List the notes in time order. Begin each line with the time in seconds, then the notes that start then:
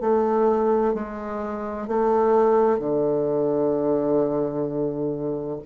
0.00 A3
0.94 G#3
1.87 A3
2.79 D3